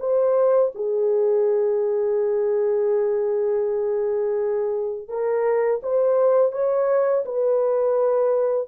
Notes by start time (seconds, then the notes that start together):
0.00 C5
0.75 G#4
5.09 A#4
5.83 C5
6.52 C#5
7.25 B4